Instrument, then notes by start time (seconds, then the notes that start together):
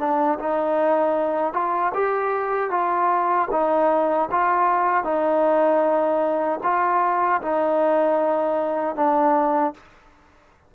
trombone
0.00 D4
0.39 D#4
1.54 F4
1.95 G4
2.71 F4
3.52 D#4
4.32 F4
5.04 D#4
6.64 F4
7.42 D#4
8.96 D4